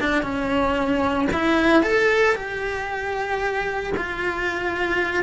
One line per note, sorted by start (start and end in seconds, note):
0.00 0.22 D4
0.22 1.28 C#4
1.33 1.83 E4
1.83 2.35 A4
2.35 3.93 G4
3.97 5.23 F4